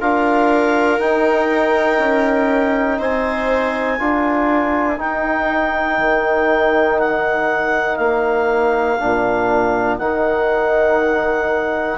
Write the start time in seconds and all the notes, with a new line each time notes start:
0.00 D4 F4 A#4 F5
0.99 D#4 G5
1.99 C#4
2.98 C4 C5 G#5
3.98 D4 F4 A#4
4.97 D#4 G5
5.99 D#3
6.99 F#5
7.96 A#3 F5
9.00 A#2 D4
9.98 D#3 D#4 F#5